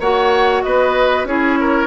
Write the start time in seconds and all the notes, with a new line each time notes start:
0.00 A#3 F#4 C#5 F#5
0.63 B3 B4 D#5
1.24 C#4 E4 G#4 C#5
1.60 A#4